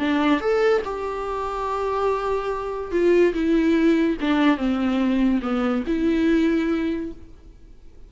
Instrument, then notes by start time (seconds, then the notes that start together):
viola
0.00 D4
0.41 A4
0.85 G4
2.92 F4
3.34 E4
4.21 D4
4.57 C4
5.42 B3
5.87 E4